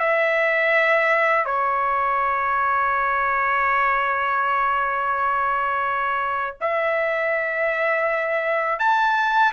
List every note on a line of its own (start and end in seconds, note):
0.00 1.46 E5
1.46 6.58 C#5
6.62 8.79 E5
8.79 9.53 A5